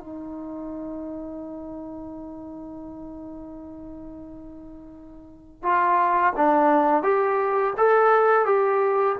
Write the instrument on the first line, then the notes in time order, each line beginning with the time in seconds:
trombone
0.00 D#4
5.63 F4
6.37 D4
7.03 G4
7.78 A4
8.46 G4